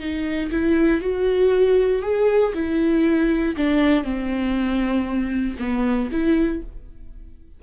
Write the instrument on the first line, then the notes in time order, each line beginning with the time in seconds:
viola
0.00 D#4
0.52 E4
1.01 F#4
2.03 G#4
2.55 E4
3.57 D4
4.04 C4
5.59 B3
6.12 E4